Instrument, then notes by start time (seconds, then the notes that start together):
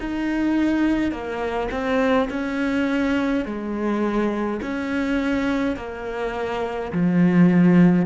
cello
0.00 D#4
1.11 A#3
1.70 C4
2.29 C#4
3.45 G#3
4.62 C#4
5.76 A#3
6.92 F3